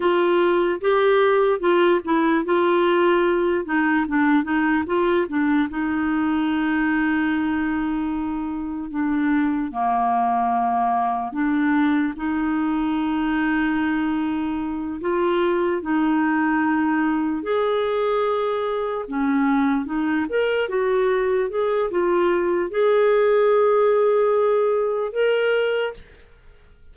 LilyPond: \new Staff \with { instrumentName = "clarinet" } { \time 4/4 \tempo 4 = 74 f'4 g'4 f'8 e'8 f'4~ | f'8 dis'8 d'8 dis'8 f'8 d'8 dis'4~ | dis'2. d'4 | ais2 d'4 dis'4~ |
dis'2~ dis'8 f'4 dis'8~ | dis'4. gis'2 cis'8~ | cis'8 dis'8 ais'8 fis'4 gis'8 f'4 | gis'2. ais'4 | }